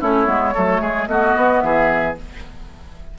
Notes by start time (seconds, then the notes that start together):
0.00 A3 C#4 E4 C#5
0.26 G#3 B3
0.54 F#3 A3 A4
0.80 G#3 G#4
1.07 A3 B3 F#4 D#5
1.36 B3
1.60 E3 G#4 E5